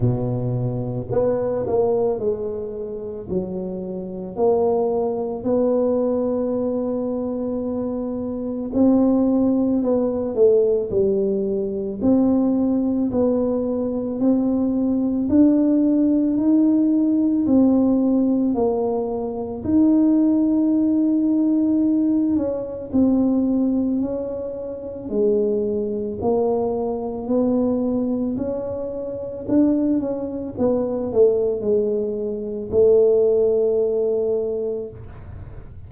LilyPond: \new Staff \with { instrumentName = "tuba" } { \time 4/4 \tempo 4 = 55 b,4 b8 ais8 gis4 fis4 | ais4 b2. | c'4 b8 a8 g4 c'4 | b4 c'4 d'4 dis'4 |
c'4 ais4 dis'2~ | dis'8 cis'8 c'4 cis'4 gis4 | ais4 b4 cis'4 d'8 cis'8 | b8 a8 gis4 a2 | }